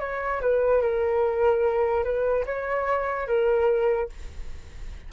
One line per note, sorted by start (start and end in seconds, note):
0.00 0.41 C#5
0.42 0.82 B4
0.82 2.04 A#4
2.04 2.45 B4
2.46 3.28 C#5
3.28 4.10 A#4